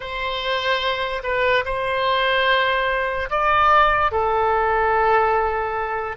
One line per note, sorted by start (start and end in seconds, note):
0.00 1.22 C5
1.23 1.64 B4
1.65 3.29 C5
3.30 4.11 D5
4.11 6.16 A4